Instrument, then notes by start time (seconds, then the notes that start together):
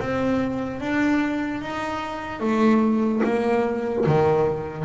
double bass
0.00 C4
0.81 D4
1.62 D#4
2.40 A3
3.24 A#3
4.07 D#3